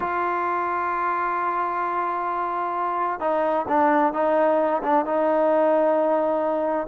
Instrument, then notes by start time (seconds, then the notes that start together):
trombone
0.00 F4
3.20 D#4
3.68 D4
4.13 D#4
4.82 D4
5.05 D#4